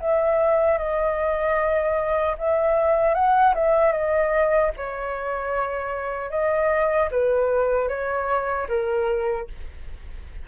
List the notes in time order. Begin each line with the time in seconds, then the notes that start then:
0.00 E5
0.78 D#5
2.38 E5
3.14 F#5
3.55 E5
3.92 D#5
4.76 C#5
6.30 D#5
7.11 B4
7.88 C#5
8.68 A#4